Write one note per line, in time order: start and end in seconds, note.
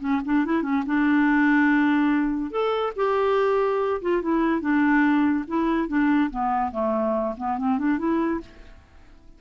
0.00 0.21 C#4
0.25 0.45 D4
0.45 0.62 E4
0.62 0.83 C#4
0.86 2.51 D4
2.51 2.93 A4
2.96 4.01 G4
4.01 4.22 F4
4.22 4.61 E4
4.61 5.45 D4
5.47 5.88 E4
5.88 6.30 D4
6.30 6.72 B3
6.72 7.34 A3
7.37 7.58 B3
7.58 7.78 C4
7.78 7.98 D4
7.98 8.40 E4